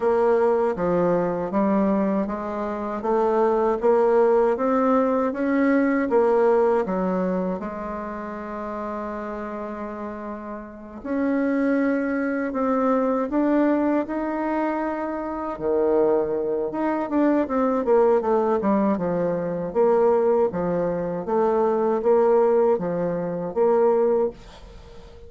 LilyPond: \new Staff \with { instrumentName = "bassoon" } { \time 4/4 \tempo 4 = 79 ais4 f4 g4 gis4 | a4 ais4 c'4 cis'4 | ais4 fis4 gis2~ | gis2~ gis8 cis'4.~ |
cis'8 c'4 d'4 dis'4.~ | dis'8 dis4. dis'8 d'8 c'8 ais8 | a8 g8 f4 ais4 f4 | a4 ais4 f4 ais4 | }